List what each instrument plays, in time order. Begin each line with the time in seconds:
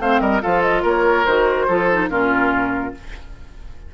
0.00 bassoon A3, clarinet C4, oboe C5, flute F5
0.21 bassoon G3, oboe A#4, flute D#5
0.42 bassoon F3, clarinet F4, oboe A4, flute F5
0.62 flute D#5
0.83 bassoon A#3, oboe A#4, flute C#5
1.26 bassoon D#3, clarinet F#4, flute C5
1.68 bassoon F3, clarinet F4, oboe A4
1.92 clarinet D#4
2.10 bassoon A#2, clarinet C#4, oboe F4, flute A#4